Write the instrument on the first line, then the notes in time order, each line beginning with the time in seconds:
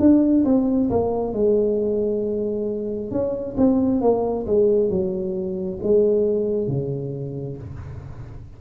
tuba
0.00 D4
0.45 C4
0.90 A#3
1.34 G#3
3.11 C#4
3.57 C4
4.01 A#3
4.47 G#3
4.90 F#3
5.83 G#3
6.68 C#3